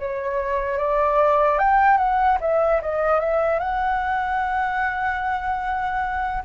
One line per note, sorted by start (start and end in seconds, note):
0.00 0.78 C#5
0.78 1.59 D5
1.59 1.98 G5
1.98 2.38 F#5
2.41 2.82 E5
2.82 3.20 D#5
3.20 3.60 E5
3.60 6.43 F#5